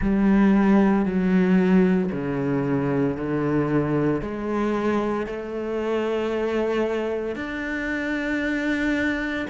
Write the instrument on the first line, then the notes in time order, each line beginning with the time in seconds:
cello
0.00 G3
1.05 F#3
2.11 C#3
3.16 D3
4.21 G#3
5.26 A3
7.35 D4